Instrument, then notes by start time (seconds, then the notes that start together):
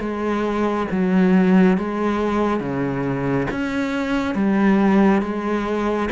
cello
0.00 G#3
0.91 F#3
1.78 G#3
2.60 C#3
3.51 C#4
4.35 G3
5.22 G#3